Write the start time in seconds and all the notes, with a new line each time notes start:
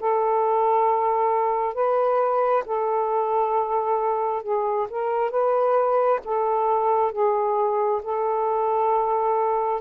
0.00 A4
1.74 B4
2.66 A4
4.43 G#4
4.90 A#4
5.31 B4
6.24 A4
7.12 G#4
8.03 A4